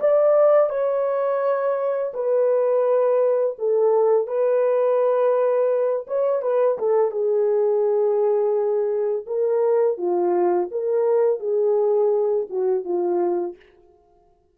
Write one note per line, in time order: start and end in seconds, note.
0.00 0.69 D5
0.69 2.12 C#5
2.14 3.56 B4
3.58 4.28 A4
4.28 6.06 B4
6.07 6.42 C#5
6.42 6.78 B4
6.79 7.11 A4
7.11 9.26 G#4
9.26 9.98 A#4
9.98 10.69 F4
10.71 11.40 A#4
11.40 12.47 G#4
12.50 12.85 F#4
12.85 13.56 F4